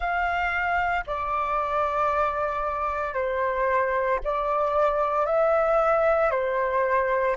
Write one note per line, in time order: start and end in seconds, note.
0.00 1.04 F5
1.07 3.13 D5
3.13 4.19 C5
4.23 5.25 D5
5.25 6.30 E5
6.30 7.35 C5